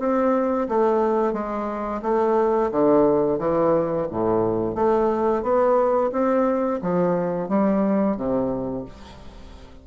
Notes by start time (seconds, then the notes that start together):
0.00 C4
0.69 A3
1.34 G#3
2.03 A3
2.72 D3
3.39 E3
4.11 A2
4.76 A3
5.43 B3
6.13 C4
6.82 F3
7.49 G3
8.17 C3